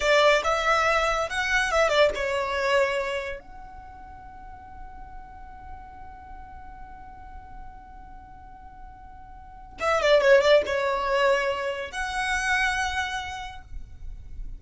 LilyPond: \new Staff \with { instrumentName = "violin" } { \time 4/4 \tempo 4 = 141 d''4 e''2 fis''4 | e''8 d''8 cis''2. | fis''1~ | fis''1~ |
fis''1~ | fis''2. e''8 d''8 | cis''8 d''8 cis''2. | fis''1 | }